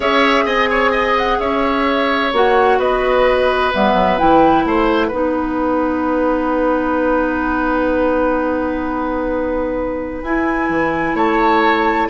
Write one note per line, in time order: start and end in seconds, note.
0.00 0.45 C#4
0.00 2.31 G#4
0.00 0.44 C#5
0.00 0.47 E5
0.45 1.38 C4
0.45 0.69 D#5
0.45 1.16 G#5
0.70 0.91 C#5
0.91 1.37 D#5
1.17 1.39 F#5
1.39 2.32 C#4
1.39 2.79 C#5
1.39 2.32 E5
2.32 2.78 A#3
2.32 3.73 F#4
2.32 2.79 F#5
2.78 3.71 B3
2.78 4.65 B4
2.78 3.72 D#5
3.73 3.94 G3
3.73 4.18 B3
3.73 4.18 E5
3.94 4.17 F#3
4.18 4.64 E3
4.18 5.11 E4
4.18 4.64 G5
4.64 5.11 A3
4.64 5.07 C5
4.64 10.22 F#5
5.07 10.22 B3
5.07 10.23 D#4
5.07 11.12 B4
10.22 10.69 E4
10.22 12.09 E4
10.22 11.16 G#5
10.69 11.14 E3
11.14 12.07 A3
11.14 12.08 C#5
11.14 12.09 A5